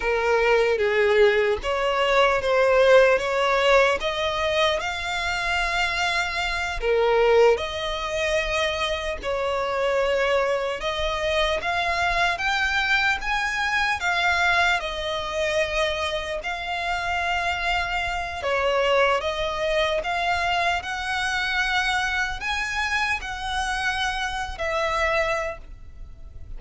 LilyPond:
\new Staff \with { instrumentName = "violin" } { \time 4/4 \tempo 4 = 75 ais'4 gis'4 cis''4 c''4 | cis''4 dis''4 f''2~ | f''8 ais'4 dis''2 cis''8~ | cis''4. dis''4 f''4 g''8~ |
g''8 gis''4 f''4 dis''4.~ | dis''8 f''2~ f''8 cis''4 | dis''4 f''4 fis''2 | gis''4 fis''4.~ fis''16 e''4~ e''16 | }